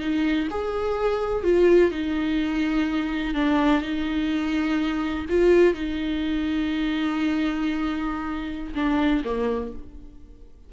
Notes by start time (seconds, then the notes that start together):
0.00 D#4
0.51 G#4
1.43 F4
1.91 D#4
3.34 D4
3.82 D#4
5.29 F4
5.74 D#4
8.75 D4
9.24 A#3